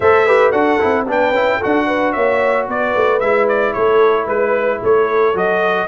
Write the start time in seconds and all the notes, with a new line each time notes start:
0.00 A3 A4 C5 E5
0.26 G4 B4
0.51 D4 F#4 A4 F#5
0.79 C4 E4
1.07 B3 D4 B4 G5
1.31 C#4 E4
1.57 F#4 A4 F#5
1.64 D4
1.86 B4
2.12 A#3 C#5 E5
2.68 B3 B4 D5
2.95 A3
3.20 G#3 E4 E5
3.48 D5
3.73 A3 A4 C#5
4.25 G#3 B4
4.82 A3 A4 C#5
5.34 F#3 F#4 D#5